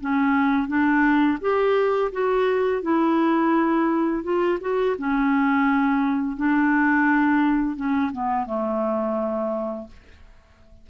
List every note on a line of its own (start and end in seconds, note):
0.00 0.67 C#4
0.67 1.38 D4
1.41 2.11 G4
2.12 2.82 F#4
2.82 4.23 E4
4.23 4.58 F4
4.60 4.96 F#4
4.98 6.36 C#4
6.36 7.76 D4
7.76 8.11 C#4
8.12 8.46 B3
8.46 9.87 A3